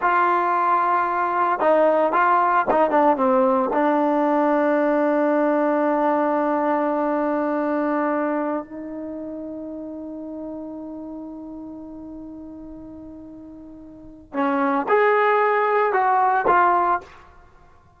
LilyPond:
\new Staff \with { instrumentName = "trombone" } { \time 4/4 \tempo 4 = 113 f'2. dis'4 | f'4 dis'8 d'8 c'4 d'4~ | d'1~ | d'1~ |
d'16 dis'2.~ dis'8.~ | dis'1~ | dis'2. cis'4 | gis'2 fis'4 f'4 | }